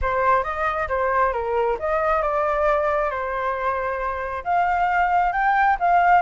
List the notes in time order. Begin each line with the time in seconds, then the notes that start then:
0.01 C5
0.43 D#5
0.88 C5
1.33 A#4
1.79 D#5
2.22 D5
3.10 C5
4.43 F5
5.32 G5
5.79 F5